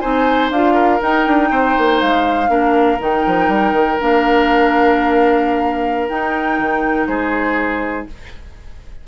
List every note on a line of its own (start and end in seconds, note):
0.00 0.50 C4
0.00 0.51 D#4
0.00 0.74 C5
0.00 0.50 G#5
0.50 1.00 D4
0.50 1.00 F4
0.50 1.01 F5
0.74 1.48 A#4
1.00 2.48 D#4
1.00 1.27 D#4
1.00 2.01 G5
1.27 1.51 D4
1.51 1.75 C4
1.51 2.50 C5
1.78 2.02 A#3
2.01 2.49 G#3
2.01 3.00 F5
2.48 2.98 A#3
2.48 2.98 D4
2.48 7.08 A#4
2.99 3.25 D#3
2.99 3.98 D#4
2.99 4.01 G5
3.26 3.48 F3
3.48 3.72 G3
3.72 3.97 D#3
3.99 6.10 A#3
3.99 6.09 D4
3.99 6.09 F5
6.09 8.08 D#4
6.09 6.58 D#4
6.09 7.07 G5
6.58 7.07 D#3
7.07 8.06 G#3
7.07 8.07 G#4
7.07 8.06 C5